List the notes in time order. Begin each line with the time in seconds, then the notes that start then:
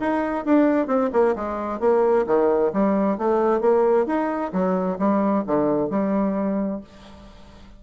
0.00 D#4
0.45 D4
0.87 C4
1.13 A#3
1.36 G#3
1.80 A#3
2.27 D#3
2.74 G3
3.18 A3
3.61 A#3
4.06 D#4
4.53 F#3
4.99 G3
5.47 D3
5.90 G3